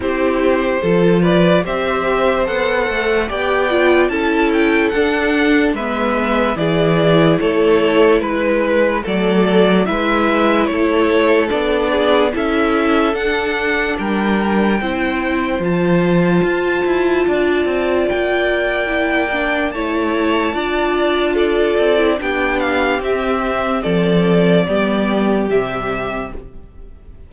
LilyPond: <<
  \new Staff \with { instrumentName = "violin" } { \time 4/4 \tempo 4 = 73 c''4. d''8 e''4 fis''4 | g''4 a''8 g''8 fis''4 e''4 | d''4 cis''4 b'4 d''4 | e''4 cis''4 d''4 e''4 |
fis''4 g''2 a''4~ | a''2 g''2 | a''2 d''4 g''8 f''8 | e''4 d''2 e''4 | }
  \new Staff \with { instrumentName = "violin" } { \time 4/4 g'4 a'8 b'8 c''2 | d''4 a'2 b'4 | gis'4 a'4 b'4 a'4 | b'4 a'4. gis'8 a'4~ |
a'4 ais'4 c''2~ | c''4 d''2. | cis''4 d''4 a'4 g'4~ | g'4 a'4 g'2 | }
  \new Staff \with { instrumentName = "viola" } { \time 4/4 e'4 f'4 g'4 a'4 | g'8 f'8 e'4 d'4 b4 | e'2. a4 | e'2 d'4 e'4 |
d'2 e'4 f'4~ | f'2. e'8 d'8 | e'4 f'4.~ f'16 e'16 d'4 | c'2 b4 g4 | }
  \new Staff \with { instrumentName = "cello" } { \time 4/4 c'4 f4 c'4 b8 a8 | b4 cis'4 d'4 gis4 | e4 a4 gis4 fis4 | gis4 a4 b4 cis'4 |
d'4 g4 c'4 f4 | f'8 e'8 d'8 c'8 ais2 | a4 d'4. c'8 b4 | c'4 f4 g4 c4 | }
>>